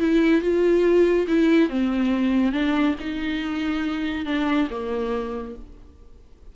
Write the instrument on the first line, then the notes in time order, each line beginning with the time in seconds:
viola
0.00 E4
0.42 F4
1.28 E4
1.70 C4
2.52 D4
3.00 D#4
4.26 D4
4.70 A#3